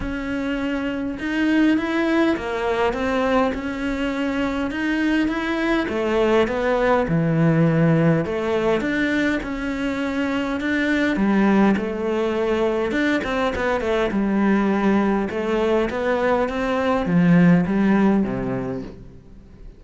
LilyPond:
\new Staff \with { instrumentName = "cello" } { \time 4/4 \tempo 4 = 102 cis'2 dis'4 e'4 | ais4 c'4 cis'2 | dis'4 e'4 a4 b4 | e2 a4 d'4 |
cis'2 d'4 g4 | a2 d'8 c'8 b8 a8 | g2 a4 b4 | c'4 f4 g4 c4 | }